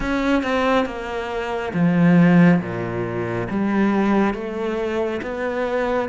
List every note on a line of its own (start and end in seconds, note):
0.00 0.42 C#4
0.42 0.85 C4
0.85 1.72 A#3
1.73 2.60 F3
2.60 3.47 A#2
3.50 4.34 G3
4.34 5.21 A3
5.22 6.09 B3